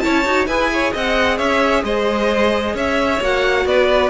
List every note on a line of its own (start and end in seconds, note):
0.00 0.25 E4
0.00 0.48 C#5
0.00 0.45 A5
0.07 0.26 C#4
0.26 0.47 D#4
0.26 0.48 F#4
0.47 0.93 E4
0.47 3.22 G#4
0.47 0.71 B4
0.47 0.93 G#5
0.74 0.94 C#5
0.94 1.40 C4
0.94 1.38 D#5
0.94 1.38 F#5
1.38 1.84 C#4
1.38 1.83 C#5
1.38 1.84 E5
1.84 2.75 G#3
1.84 2.75 C5
1.84 2.76 D#5
2.75 3.20 C#4
2.75 3.66 C#5
2.75 3.23 E5
3.22 3.66 A#3
3.22 4.11 F#4
3.22 3.68 F#5
3.66 4.11 B3
3.66 4.11 B4
3.66 4.11 D5